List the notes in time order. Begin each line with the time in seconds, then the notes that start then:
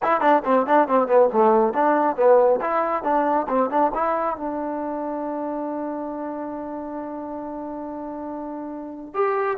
0.03 E4
0.20 D4
0.45 C4
0.66 D4
0.88 C4
1.07 B3
1.33 A3
1.73 D4
2.16 B3
2.61 E4
3.03 D4
3.48 C4
3.70 D4
3.94 E4
4.36 D4
9.14 G4